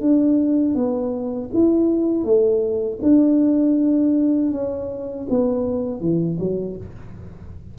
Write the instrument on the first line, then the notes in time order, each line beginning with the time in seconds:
tuba
0.00 D4
0.75 B3
1.53 E4
2.24 A3
3.02 D4
4.51 C#4
5.29 B3
6.00 E3
6.39 F#3